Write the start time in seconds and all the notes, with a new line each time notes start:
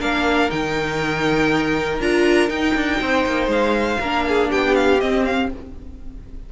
0.00 A#3 D4 A#4 F5
0.50 D#3 D#4 G5
2.01 D4 F4 A#5
2.49 D#4 G5
2.75 D4
3.01 C4 C5
3.27 A#3
3.48 G#3 F5
4.00 A#3 D4 A#4
4.28 G#4
4.50 B3 G4 G5
4.75 F5
4.99 C4 D#5
5.25 F5